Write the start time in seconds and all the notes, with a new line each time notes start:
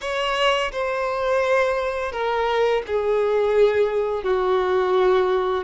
0.01 C#5
0.72 C5
2.11 A#4
2.86 G#4
4.24 F#4